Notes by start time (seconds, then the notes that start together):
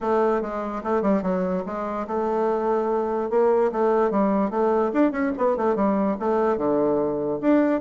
0.00 A3
0.41 G#3
0.83 A3
1.02 G3
1.22 F#3
1.66 G#3
2.07 A3
3.30 A#3
3.72 A3
4.10 G3
4.50 A3
4.93 D4
5.11 C#4
5.37 B3
5.56 A3
5.75 G3
6.19 A3
6.57 D3
7.41 D4